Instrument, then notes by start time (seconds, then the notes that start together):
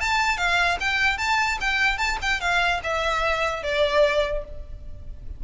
violin
0.00 A5
0.37 F5
0.80 G5
1.18 A5
1.60 G5
1.98 A5
2.22 G5
2.40 F5
2.83 E5
3.63 D5